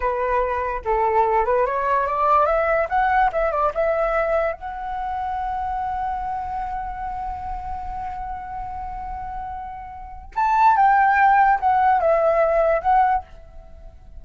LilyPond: \new Staff \with { instrumentName = "flute" } { \time 4/4 \tempo 4 = 145 b'2 a'4. b'8 | cis''4 d''4 e''4 fis''4 | e''8 d''8 e''2 fis''4~ | fis''1~ |
fis''1~ | fis''1~ | fis''4 a''4 g''2 | fis''4 e''2 fis''4 | }